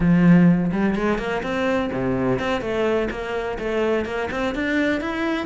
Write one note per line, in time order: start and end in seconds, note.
0.00 0.71 F3
0.71 0.95 G3
0.95 1.18 G#3
1.18 1.42 A#3
1.42 1.90 C4
1.92 2.39 C3
2.39 2.61 C4
2.61 3.08 A3
3.10 3.57 A#3
3.58 4.05 A3
4.05 4.29 A#3
4.31 4.54 C4
4.54 5.00 D4
5.00 5.46 E4